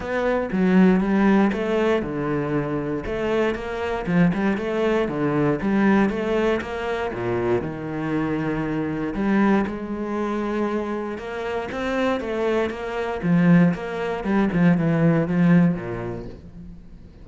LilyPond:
\new Staff \with { instrumentName = "cello" } { \time 4/4 \tempo 4 = 118 b4 fis4 g4 a4 | d2 a4 ais4 | f8 g8 a4 d4 g4 | a4 ais4 ais,4 dis4~ |
dis2 g4 gis4~ | gis2 ais4 c'4 | a4 ais4 f4 ais4 | g8 f8 e4 f4 ais,4 | }